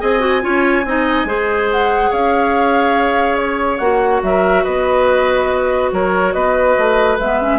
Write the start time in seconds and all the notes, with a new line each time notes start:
0.00 C4 G#4 D#5 G#5
0.19 F#4
0.41 C#4 F4 C#5
0.84 C4 D#4 D#5
1.25 G#3 G#4 C5
1.71 F#5
2.10 C#4 C#5 F5
3.36 C#5
3.78 A#3 F#4 F#5
4.22 F#3 A#4 E5
4.63 B3 B4 D#5
5.92 F#3 A#4 C#5
6.33 B3 B4 D#5
6.78 A3
7.19 G#3 B3 E5
7.41 C#4